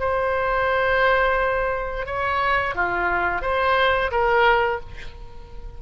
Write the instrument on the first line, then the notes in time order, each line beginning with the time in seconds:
oboe
0.00 C5
2.06 C#5
2.75 F4
3.42 C5
4.11 A#4